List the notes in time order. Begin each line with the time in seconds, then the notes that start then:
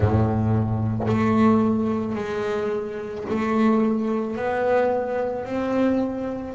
0.00 A2
1.07 A3
2.15 G#3
3.29 A3
4.36 B3
5.45 C4